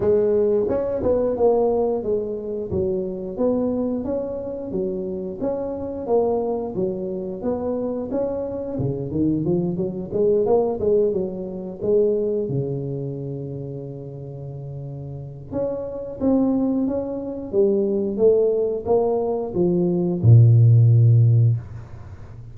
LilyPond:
\new Staff \with { instrumentName = "tuba" } { \time 4/4 \tempo 4 = 89 gis4 cis'8 b8 ais4 gis4 | fis4 b4 cis'4 fis4 | cis'4 ais4 fis4 b4 | cis'4 cis8 dis8 f8 fis8 gis8 ais8 |
gis8 fis4 gis4 cis4.~ | cis2. cis'4 | c'4 cis'4 g4 a4 | ais4 f4 ais,2 | }